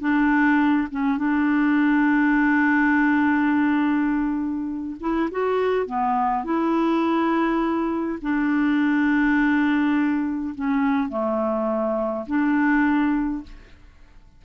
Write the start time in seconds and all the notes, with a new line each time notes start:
0.00 D4
0.91 C#4
1.18 D4
5.00 E4
5.31 F#4
5.86 B3
6.44 E4
8.21 D4
10.55 C#4
11.09 A3
12.26 D4